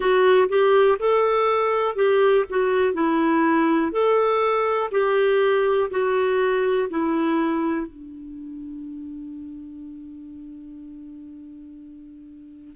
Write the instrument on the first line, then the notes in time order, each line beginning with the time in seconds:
clarinet
0.00 F#4
0.49 G4
0.99 A4
1.95 G4
2.49 F#4
2.93 E4
3.92 A4
4.91 G4
5.90 F#4
6.89 E4
7.86 D4